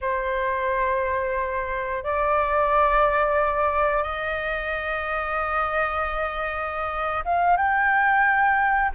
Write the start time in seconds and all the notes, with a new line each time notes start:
0.01 C5
2.03 D5
4.03 D#5
7.24 F5
7.57 G5